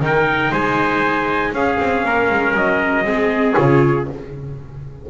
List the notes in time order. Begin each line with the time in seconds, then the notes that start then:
0.00 D#3 D#4 A#4 G5
0.51 G#3 C5 G#5
1.52 C#4 G#4 F5
1.79 C4
2.04 A#3 A#4
2.30 G#3
2.53 F#3 D#5
3.04 G#3 C4 G#4
3.53 C#3 F4 C#5